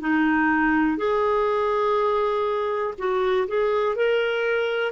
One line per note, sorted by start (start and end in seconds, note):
0.00 0.97 D#4
0.97 2.94 G#4
2.98 3.47 F#4
3.47 3.95 G#4
3.95 4.92 A#4